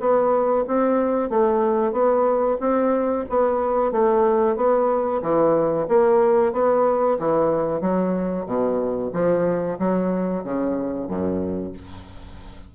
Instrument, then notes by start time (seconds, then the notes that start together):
bassoon
0.00 B3
0.68 C4
1.30 A3
1.92 B3
2.61 C4
3.30 B3
3.92 A3
4.56 B3
5.22 E3
5.88 A#3
6.53 B3
7.19 E3
7.81 F#3
8.46 B2
9.13 F3
9.79 F#3
10.44 C#3
11.08 F#2